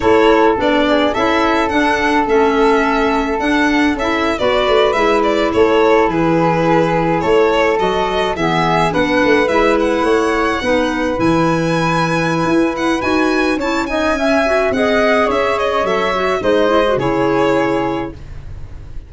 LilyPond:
<<
  \new Staff \with { instrumentName = "violin" } { \time 4/4 \tempo 4 = 106 cis''4 d''4 e''4 fis''4 | e''2 fis''4 e''8. d''16~ | d''8. e''8 d''8 cis''4 b'4~ b'16~ | b'8. cis''4 dis''4 e''4 fis''16~ |
fis''8. e''8 fis''2~ fis''8 gis''16~ | gis''2~ gis''8 fis''8 gis''4 | a''8 gis''4. fis''4 e''8 dis''8 | e''4 dis''4 cis''2 | }
  \new Staff \with { instrumentName = "flute" } { \time 4/4 a'4. gis'8 a'2~ | a'2.~ a'8. b'16~ | b'4.~ b'16 a'4 gis'4~ gis'16~ | gis'8. a'2 gis'4 b'16~ |
b'4.~ b'16 cis''4 b'4~ b'16~ | b'1 | cis''8 dis''8 e''4 dis''4 cis''4~ | cis''4 c''4 gis'2 | }
  \new Staff \with { instrumentName = "clarinet" } { \time 4/4 e'4 d'4 e'4 d'4 | cis'2 d'4 e'8. fis'16~ | fis'8. e'2.~ e'16~ | e'4.~ e'16 fis'4 b4 d'16~ |
d'8. e'2 dis'4 e'16~ | e'2. fis'4 | e'8 dis'8 cis'8 fis'8 gis'2 | a'8 fis'8 dis'8 e'16 fis'16 e'2 | }
  \new Staff \with { instrumentName = "tuba" } { \time 4/4 a4 b4 cis'4 d'4 | a2 d'4 cis'8. b16~ | b16 a8 gis4 a4 e4~ e16~ | e8. a4 fis4 e4 b16~ |
b16 a8 gis4 a4 b4 e16~ | e2 e'4 dis'4 | cis'2 c'4 cis'4 | fis4 gis4 cis2 | }
>>